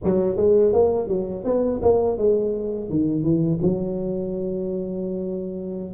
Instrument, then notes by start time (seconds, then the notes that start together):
tuba
0.04 F#3
0.36 G#3
0.72 A#3
1.08 F#3
1.44 B3
1.82 A#3
2.17 G#3
2.89 D#3
3.23 E3
3.62 F#3